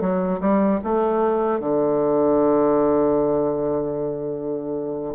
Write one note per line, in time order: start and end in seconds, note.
0.00 0.39 F#3
0.40 0.80 G3
0.83 1.59 A3
1.59 5.15 D3